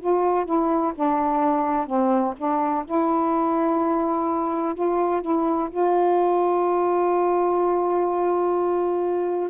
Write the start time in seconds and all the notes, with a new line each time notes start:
0.00 F4
0.45 E4
0.95 D4
1.86 C4
2.37 D4
2.85 E4
4.74 F4
5.21 E4
5.70 F4